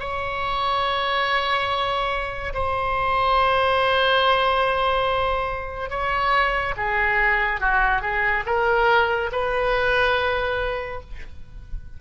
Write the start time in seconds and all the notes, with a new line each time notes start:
0.00 C#5
2.54 C5
5.90 C#5
6.77 G#4
7.61 F#4
8.02 G#4
8.46 A#4
9.32 B4